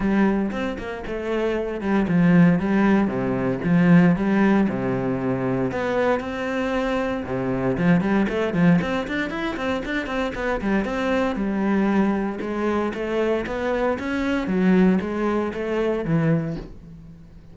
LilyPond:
\new Staff \with { instrumentName = "cello" } { \time 4/4 \tempo 4 = 116 g4 c'8 ais8 a4. g8 | f4 g4 c4 f4 | g4 c2 b4 | c'2 c4 f8 g8 |
a8 f8 c'8 d'8 e'8 c'8 d'8 c'8 | b8 g8 c'4 g2 | gis4 a4 b4 cis'4 | fis4 gis4 a4 e4 | }